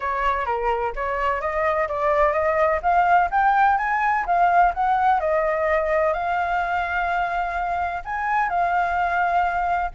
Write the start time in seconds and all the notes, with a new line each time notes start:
0.00 C#5
0.45 A#4
0.95 C#5
1.40 D#5
1.88 D5
2.32 D#5
2.82 F5
3.30 G5
3.77 G#5
4.26 F5
4.74 F#5
5.20 D#5
6.13 F5
8.04 G#5
8.49 F5